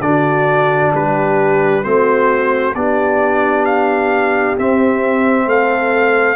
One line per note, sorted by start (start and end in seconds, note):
0.00 0.91 D3
0.00 1.83 D4
0.00 0.94 F#4
0.00 0.92 D5
0.94 1.84 G3
0.94 1.84 G4
0.94 1.83 B4
1.83 2.74 A3
1.83 2.74 C4
1.83 2.74 F#4
1.83 2.74 C5
2.74 4.56 B3
2.74 4.57 D4
2.74 5.47 G4
2.74 3.65 D5
3.65 4.56 F5
4.57 6.36 C4
4.57 5.46 C4
4.57 5.49 E5
5.46 6.36 A3
5.46 6.36 A4
5.46 6.36 F5